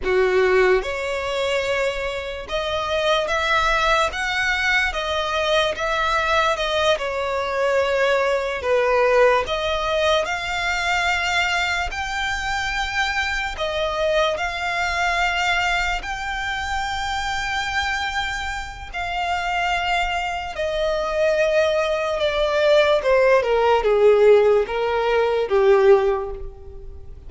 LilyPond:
\new Staff \with { instrumentName = "violin" } { \time 4/4 \tempo 4 = 73 fis'4 cis''2 dis''4 | e''4 fis''4 dis''4 e''4 | dis''8 cis''2 b'4 dis''8~ | dis''8 f''2 g''4.~ |
g''8 dis''4 f''2 g''8~ | g''2. f''4~ | f''4 dis''2 d''4 | c''8 ais'8 gis'4 ais'4 g'4 | }